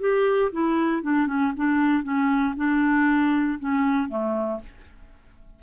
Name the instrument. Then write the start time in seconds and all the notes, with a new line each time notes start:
clarinet
0.00 G4
0.52 E4
1.03 D4
1.27 C#4
1.56 D4
2.03 C#4
2.56 D4
3.59 C#4
4.09 A3